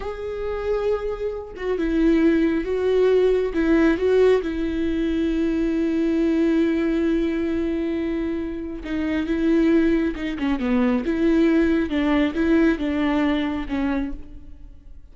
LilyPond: \new Staff \with { instrumentName = "viola" } { \time 4/4 \tempo 4 = 136 gis'2.~ gis'8 fis'8 | e'2 fis'2 | e'4 fis'4 e'2~ | e'1~ |
e'1 | dis'4 e'2 dis'8 cis'8 | b4 e'2 d'4 | e'4 d'2 cis'4 | }